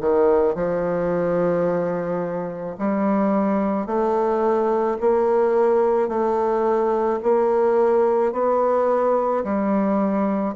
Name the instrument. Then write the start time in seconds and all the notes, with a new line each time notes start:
bassoon
0.00 D#3
0.55 F3
2.78 G3
3.86 A3
5.00 A#3
6.08 A3
7.23 A#3
8.32 B3
9.44 G3